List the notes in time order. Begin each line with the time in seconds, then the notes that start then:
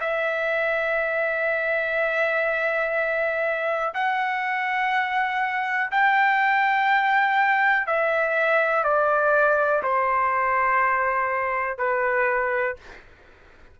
0.00 E5
3.94 F#5
5.91 G5
7.87 E5
8.84 D5
9.83 C5
11.78 B4